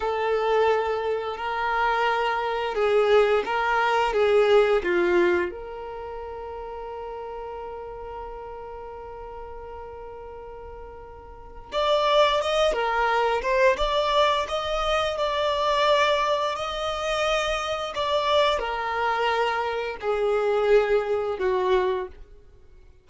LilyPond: \new Staff \with { instrumentName = "violin" } { \time 4/4 \tempo 4 = 87 a'2 ais'2 | gis'4 ais'4 gis'4 f'4 | ais'1~ | ais'1~ |
ais'4 d''4 dis''8 ais'4 c''8 | d''4 dis''4 d''2 | dis''2 d''4 ais'4~ | ais'4 gis'2 fis'4 | }